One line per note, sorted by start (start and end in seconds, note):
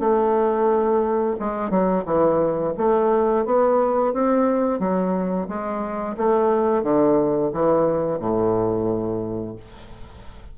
0.00 1.36 A3
1.39 1.70 G#3
1.70 2.05 F#3
2.05 2.74 E3
2.77 3.46 A3
3.46 4.13 B3
4.13 4.80 C4
4.80 5.48 F#3
5.48 6.16 G#3
6.17 6.83 A3
6.83 7.51 D3
7.53 8.19 E3
8.19 9.56 A2